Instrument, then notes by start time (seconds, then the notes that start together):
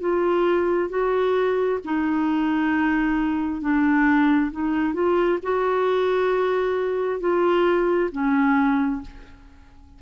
clarinet
0.00 F4
0.89 F#4
1.84 D#4
3.61 D4
4.51 D#4
4.93 F4
5.42 F#4
7.20 F4
8.12 C#4